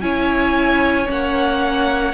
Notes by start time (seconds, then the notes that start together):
0.00 C#4 E4 C#5 G#5
1.05 A#3 C#4 F#5